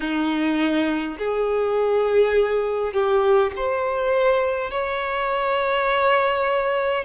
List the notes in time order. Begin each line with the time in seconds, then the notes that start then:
0.00 D#4
1.18 G#4
2.93 G4
3.56 C5
4.71 C#5